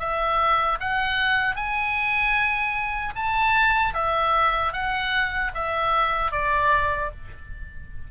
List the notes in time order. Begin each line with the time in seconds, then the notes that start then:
0.00 E5
0.80 F#5
1.56 G#5
3.16 A5
3.95 E5
4.73 F#5
5.55 E5
6.32 D5